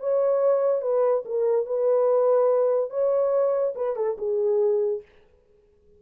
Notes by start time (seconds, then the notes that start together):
0.00 C#5
0.82 B4
1.25 A#4
1.66 B4
2.90 C#5
3.75 B4
3.96 A4
4.18 G#4